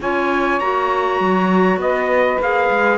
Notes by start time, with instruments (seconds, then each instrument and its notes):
0.00 cello C#4, clarinet F4, saxophone C#5, trumpet G#5
0.59 cello A#3, clarinet F#4, trumpet A#5
1.20 cello F#3
1.76 cello B3, saxophone B4, trumpet D#5
2.40 cello A#3, clarinet G#4, trumpet F5
2.70 cello G#3